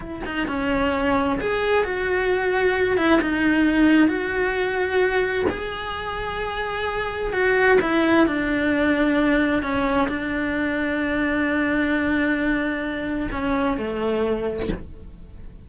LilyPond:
\new Staff \with { instrumentName = "cello" } { \time 4/4 \tempo 4 = 131 e'8 dis'8 cis'2 gis'4 | fis'2~ fis'8 e'8 dis'4~ | dis'4 fis'2. | gis'1 |
fis'4 e'4 d'2~ | d'4 cis'4 d'2~ | d'1~ | d'4 cis'4 a2 | }